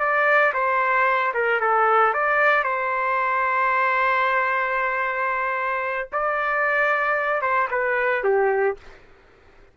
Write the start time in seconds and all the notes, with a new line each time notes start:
0.00 D5
0.54 C5
1.34 A#4
1.61 A4
2.14 D5
2.64 C5
6.13 D5
7.42 C5
7.71 B4
8.24 G4